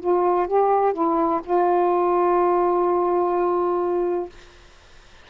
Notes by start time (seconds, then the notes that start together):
0.00 F4
0.47 G4
0.93 E4
1.44 F4